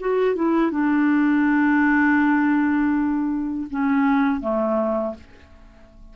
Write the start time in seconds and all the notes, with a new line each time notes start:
0.00 F#4
0.36 E4
0.71 D4
3.71 C#4
4.41 A3